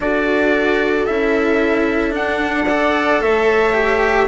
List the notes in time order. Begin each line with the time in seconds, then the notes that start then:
0.00 D4 F#4 A4 D5
1.06 C#4 E4 E5
2.10 D4 F#5
2.68 A4 D5
3.21 A3 C#5 E5
3.73 G4